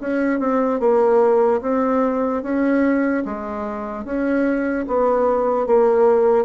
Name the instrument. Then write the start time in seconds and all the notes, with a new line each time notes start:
bassoon
0.00 C#4
0.39 C4
0.80 A#3
1.61 C4
2.43 C#4
3.25 G#3
4.04 C#4
4.87 B3
5.66 A#3